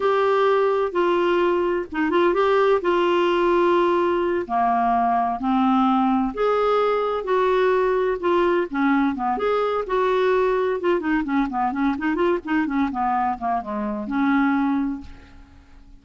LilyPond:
\new Staff \with { instrumentName = "clarinet" } { \time 4/4 \tempo 4 = 128 g'2 f'2 | dis'8 f'8 g'4 f'2~ | f'4. ais2 c'8~ | c'4. gis'2 fis'8~ |
fis'4. f'4 cis'4 b8 | gis'4 fis'2 f'8 dis'8 | cis'8 b8 cis'8 dis'8 f'8 dis'8 cis'8 b8~ | b8 ais8 gis4 cis'2 | }